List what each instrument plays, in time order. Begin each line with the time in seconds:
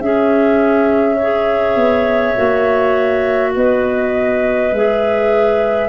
0.00 tuba C#4, clarinet C#4 G#4, flute E5
1.16 clarinet G#4 C#5
1.75 tuba B3
2.36 tuba A#3, clarinet F#4
3.55 tuba B3, clarinet B4, flute D#5
4.72 tuba G#3, clarinet G#4, flute E5